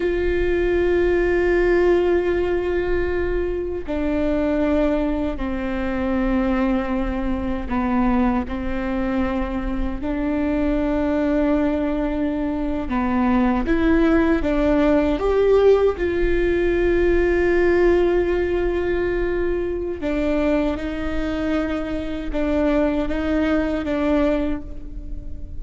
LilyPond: \new Staff \with { instrumentName = "viola" } { \time 4/4 \tempo 4 = 78 f'1~ | f'4 d'2 c'4~ | c'2 b4 c'4~ | c'4 d'2.~ |
d'8. b4 e'4 d'4 g'16~ | g'8. f'2.~ f'16~ | f'2 d'4 dis'4~ | dis'4 d'4 dis'4 d'4 | }